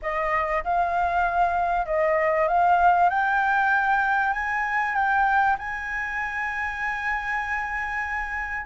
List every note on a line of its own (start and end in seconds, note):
0.01 0.63 D#5
0.64 1.86 F5
1.86 2.47 D#5
2.47 3.09 F5
3.09 4.32 G5
4.32 4.94 G#5
4.94 5.56 G5
5.58 8.66 G#5